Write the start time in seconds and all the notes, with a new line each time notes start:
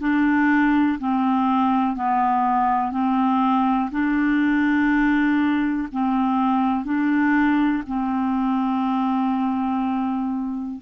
0.00 D4
1.00 C4
1.96 B3
2.92 C4
3.92 D4
5.92 C4
6.85 D4
7.87 C4